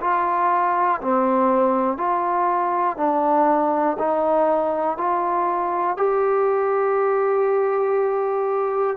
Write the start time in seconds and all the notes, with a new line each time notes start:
0.00 F4
1.00 C4
1.97 F4
2.97 D4
3.99 D#4
4.97 F4
5.97 G4